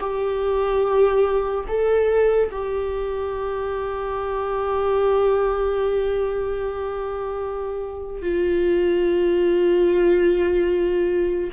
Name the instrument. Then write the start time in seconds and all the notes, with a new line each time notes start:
viola
0.00 G4
1.67 A4
2.51 G4
8.22 F4